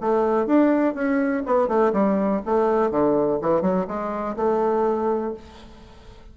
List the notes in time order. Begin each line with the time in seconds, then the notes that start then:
0.00 A3
0.46 D4
0.94 C#4
1.46 B3
1.68 A3
1.93 G3
2.45 A3
2.91 D3
3.41 E3
3.61 F#3
3.87 G#3
4.37 A3